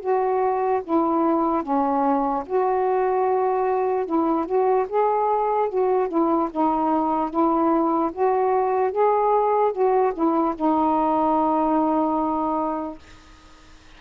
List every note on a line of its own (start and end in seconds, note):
0.00 0.81 F#4
0.83 1.62 E4
1.62 2.43 C#4
2.46 4.06 F#4
4.06 4.45 E4
4.45 4.86 F#4
4.88 5.69 G#4
5.69 6.08 F#4
6.08 6.49 E4
6.50 7.30 D#4
7.30 8.11 E4
8.12 8.91 F#4
8.91 9.72 G#4
9.72 10.12 F#4
10.14 10.54 E4
10.55 12.98 D#4